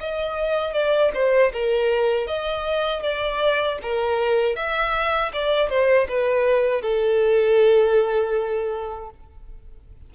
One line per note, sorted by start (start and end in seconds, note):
0.00 0.73 D#5
0.73 1.11 D5
1.14 1.52 C5
1.53 2.27 A#4
2.27 3.02 D#5
3.02 3.78 D5
3.82 4.56 A#4
4.56 5.32 E5
5.33 5.69 D5
5.69 6.07 C5
6.09 6.82 B4
6.82 9.10 A4